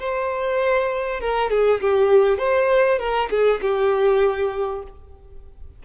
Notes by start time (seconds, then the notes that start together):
0.00 C5
1.21 A#4
1.51 G#4
1.82 G4
2.39 C5
2.99 A#4
3.31 G#4
3.62 G4